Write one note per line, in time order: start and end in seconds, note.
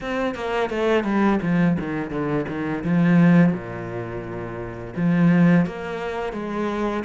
0.00 0.34 C4
0.34 0.69 A#3
0.69 1.04 A3
1.04 1.39 G3
1.42 1.77 F3
1.79 2.10 D#3
2.10 2.45 D3
2.48 2.83 D#3
2.84 3.53 F3
3.53 4.94 A#2
4.96 5.65 F3
5.65 6.32 A#3
6.32 7.03 G#3